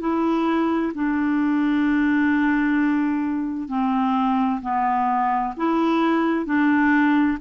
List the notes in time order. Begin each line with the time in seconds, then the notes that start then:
0.00 E4
0.94 D4
3.68 C4
4.62 B3
5.57 E4
6.45 D4